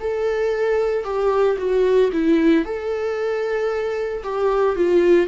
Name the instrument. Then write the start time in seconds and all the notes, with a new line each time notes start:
viola
0.00 A4
1.04 G4
1.58 F#4
2.12 E4
2.65 A4
4.23 G4
4.76 F4